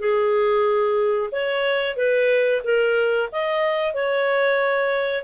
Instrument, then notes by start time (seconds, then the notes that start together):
clarinet
0.00 G#4
1.32 C#5
1.97 B4
2.64 A#4
3.32 D#5
3.95 C#5